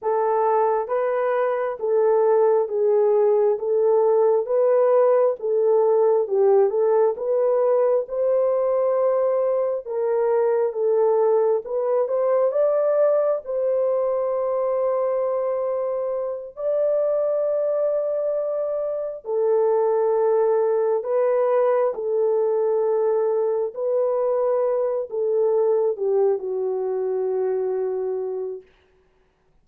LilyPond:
\new Staff \with { instrumentName = "horn" } { \time 4/4 \tempo 4 = 67 a'4 b'4 a'4 gis'4 | a'4 b'4 a'4 g'8 a'8 | b'4 c''2 ais'4 | a'4 b'8 c''8 d''4 c''4~ |
c''2~ c''8 d''4.~ | d''4. a'2 b'8~ | b'8 a'2 b'4. | a'4 g'8 fis'2~ fis'8 | }